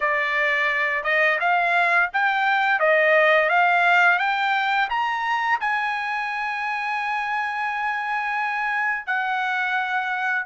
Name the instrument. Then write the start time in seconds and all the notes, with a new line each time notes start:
trumpet
0.00 D5
1.03 D#5
1.40 F5
2.13 G5
2.79 D#5
3.49 F5
4.18 G5
4.89 A#5
5.60 G#5
9.06 F#5